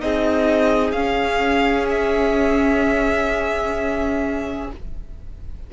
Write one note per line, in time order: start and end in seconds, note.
0.00 0.93 C4
0.00 0.94 D#4
0.00 4.73 G#4
0.00 0.92 D#5
0.92 4.68 C#4
0.92 1.86 F5
0.98 4.73 C#4
1.90 4.71 E5